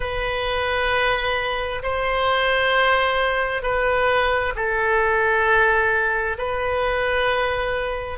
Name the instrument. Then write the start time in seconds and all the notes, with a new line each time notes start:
oboe
0.00 B4
1.82 C5
3.62 B4
4.55 A4
6.38 B4